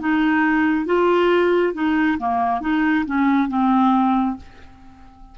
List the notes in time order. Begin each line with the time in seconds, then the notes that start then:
0.00 D#4
0.86 F4
1.74 D#4
2.19 A#3
2.61 D#4
3.06 C#4
3.49 C4